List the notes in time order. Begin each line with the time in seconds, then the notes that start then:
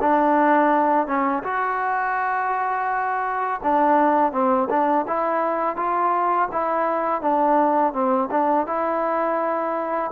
0.00 D4
1.06 C#4
1.43 F#4
3.63 D4
4.32 C4
4.69 D4
5.07 E4
5.76 F4
6.52 E4
7.21 D4
7.93 C4
8.31 D4
8.66 E4